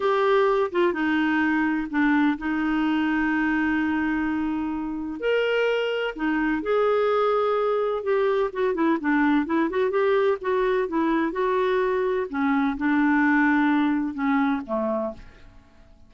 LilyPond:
\new Staff \with { instrumentName = "clarinet" } { \time 4/4 \tempo 4 = 127 g'4. f'8 dis'2 | d'4 dis'2.~ | dis'2. ais'4~ | ais'4 dis'4 gis'2~ |
gis'4 g'4 fis'8 e'8 d'4 | e'8 fis'8 g'4 fis'4 e'4 | fis'2 cis'4 d'4~ | d'2 cis'4 a4 | }